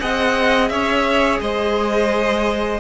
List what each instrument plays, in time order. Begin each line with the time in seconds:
0.00 cello C4, viola G#4, violin D#5 F#5
0.68 cello C#4, violin C#5 E5
1.41 cello G#3, violin C5 D#5